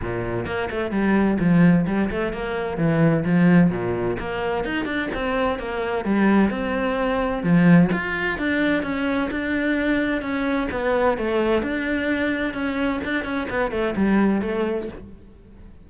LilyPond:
\new Staff \with { instrumentName = "cello" } { \time 4/4 \tempo 4 = 129 ais,4 ais8 a8 g4 f4 | g8 a8 ais4 e4 f4 | ais,4 ais4 dis'8 d'8 c'4 | ais4 g4 c'2 |
f4 f'4 d'4 cis'4 | d'2 cis'4 b4 | a4 d'2 cis'4 | d'8 cis'8 b8 a8 g4 a4 | }